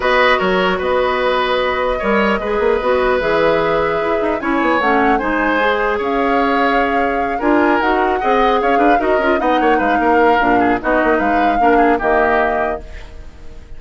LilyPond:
<<
  \new Staff \with { instrumentName = "flute" } { \time 4/4 \tempo 4 = 150 dis''4 cis''4 dis''2~ | dis''1 | e''2. gis''4 | fis''4 gis''2 f''4~ |
f''2~ f''8 gis''4 fis''8~ | fis''4. f''4 dis''4 fis''8~ | fis''8 f''2~ f''8 dis''4 | f''2 dis''2 | }
  \new Staff \with { instrumentName = "oboe" } { \time 4/4 b'4 ais'4 b'2~ | b'4 cis''4 b'2~ | b'2. cis''4~ | cis''4 c''2 cis''4~ |
cis''2~ cis''8 ais'4.~ | ais'8 dis''4 cis''8 b'8 ais'4 dis''8 | cis''8 b'8 ais'4. gis'8 fis'4 | b'4 ais'8 gis'8 g'2 | }
  \new Staff \with { instrumentName = "clarinet" } { \time 4/4 fis'1~ | fis'4 ais'4 gis'4 fis'4 | gis'2. e'4 | cis'4 dis'4 gis'2~ |
gis'2~ gis'8 f'4 fis'8~ | fis'8 gis'2 fis'8 f'8 dis'8~ | dis'2 d'4 dis'4~ | dis'4 d'4 ais2 | }
  \new Staff \with { instrumentName = "bassoon" } { \time 4/4 b4 fis4 b2~ | b4 g4 gis8 ais8 b4 | e2 e'8 dis'8 cis'8 b8 | a4 gis2 cis'4~ |
cis'2~ cis'8 d'4 dis'8~ | dis'8 c'4 cis'8 d'8 dis'8 cis'8 b8 | ais8 gis8 ais4 ais,4 b8 ais8 | gis4 ais4 dis2 | }
>>